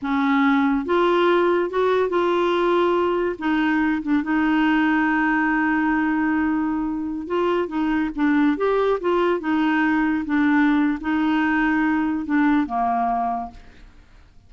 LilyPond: \new Staff \with { instrumentName = "clarinet" } { \time 4/4 \tempo 4 = 142 cis'2 f'2 | fis'4 f'2. | dis'4. d'8 dis'2~ | dis'1~ |
dis'4~ dis'16 f'4 dis'4 d'8.~ | d'16 g'4 f'4 dis'4.~ dis'16~ | dis'16 d'4.~ d'16 dis'2~ | dis'4 d'4 ais2 | }